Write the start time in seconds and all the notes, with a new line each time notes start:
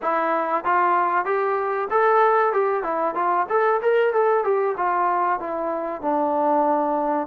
0.01 E4
0.64 F4
1.25 G4
1.90 A4
2.53 G4
2.83 E4
3.14 F4
3.49 A4
3.82 A#4
4.13 A4
4.44 G4
4.77 F4
5.39 E4
6.01 D4